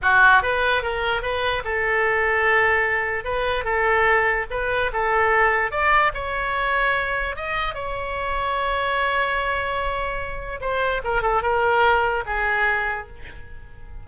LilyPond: \new Staff \with { instrumentName = "oboe" } { \time 4/4 \tempo 4 = 147 fis'4 b'4 ais'4 b'4 | a'1 | b'4 a'2 b'4 | a'2 d''4 cis''4~ |
cis''2 dis''4 cis''4~ | cis''1~ | cis''2 c''4 ais'8 a'8 | ais'2 gis'2 | }